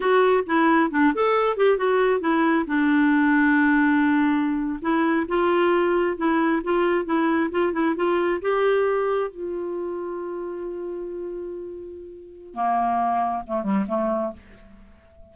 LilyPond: \new Staff \with { instrumentName = "clarinet" } { \time 4/4 \tempo 4 = 134 fis'4 e'4 d'8 a'4 g'8 | fis'4 e'4 d'2~ | d'2~ d'8. e'4 f'16~ | f'4.~ f'16 e'4 f'4 e'16~ |
e'8. f'8 e'8 f'4 g'4~ g'16~ | g'8. f'2.~ f'16~ | f'1 | ais2 a8 g8 a4 | }